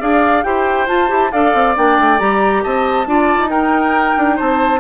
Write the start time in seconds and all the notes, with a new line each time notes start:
0.00 D4 G#4 D5 F5
0.43 E4 G4 C5 G5
0.87 F4 A5
1.08 E4 G4
1.32 D4 A4 D5 F5
1.54 C4
1.76 A#3 D4 G5
1.98 A3
2.19 G3 G4 A#5
2.63 C4 D#5 A5
3.07 D4 F4 D5
3.38 D#4
3.49 D#4 A#4 G5
4.17 D4
4.36 C4 C5 A5